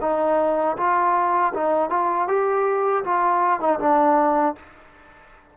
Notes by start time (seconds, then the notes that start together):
0.00 D#4
0.77 F4
1.54 D#4
1.90 F4
2.28 G4
3.04 F4
3.60 D#4
3.79 D4